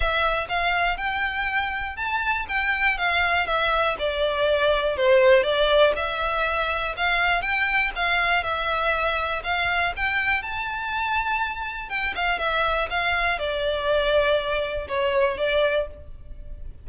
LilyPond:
\new Staff \with { instrumentName = "violin" } { \time 4/4 \tempo 4 = 121 e''4 f''4 g''2 | a''4 g''4 f''4 e''4 | d''2 c''4 d''4 | e''2 f''4 g''4 |
f''4 e''2 f''4 | g''4 a''2. | g''8 f''8 e''4 f''4 d''4~ | d''2 cis''4 d''4 | }